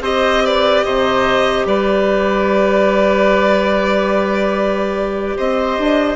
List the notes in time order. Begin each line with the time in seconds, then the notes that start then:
0.00 C4 G4 C5 D#5
0.45 B4 D5
0.83 C3 C5 D#5
1.65 G3 B4 D5
5.36 C4 C5 D#5
5.78 D4